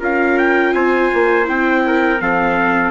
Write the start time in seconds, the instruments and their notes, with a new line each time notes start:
0.00 bassoon C#4, viola F4, trumpet A#4 F5
0.39 trumpet G5
0.74 bassoon C4, trumpet C5 G#5
1.14 bassoon A#3
1.45 bassoon C4, viola E4, trumpet G5
1.87 trumpet A#4
2.20 bassoon F3, viola C4, trumpet A4 F5